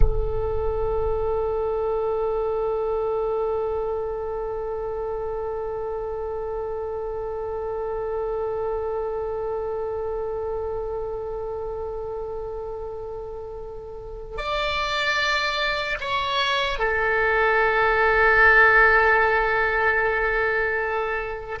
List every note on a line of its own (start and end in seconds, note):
0.00 14.37 A4
14.37 15.97 D5
16.00 16.79 C#5
16.79 21.59 A4